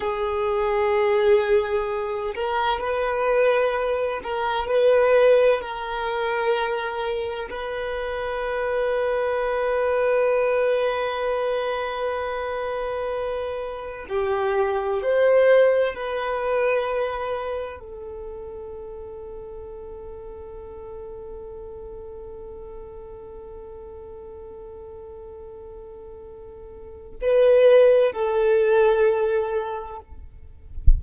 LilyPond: \new Staff \with { instrumentName = "violin" } { \time 4/4 \tempo 4 = 64 gis'2~ gis'8 ais'8 b'4~ | b'8 ais'8 b'4 ais'2 | b'1~ | b'2. g'4 |
c''4 b'2 a'4~ | a'1~ | a'1~ | a'4 b'4 a'2 | }